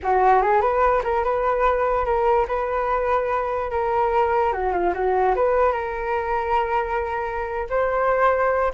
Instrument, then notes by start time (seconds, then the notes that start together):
flute
0.02 F#4
0.41 G#4
0.61 B4
1.03 A#4
1.24 B4
2.05 A#4
2.47 B4
3.70 A#4
4.52 F#4
4.72 F4
4.93 F#4
5.35 B4
5.72 A#4
7.69 C5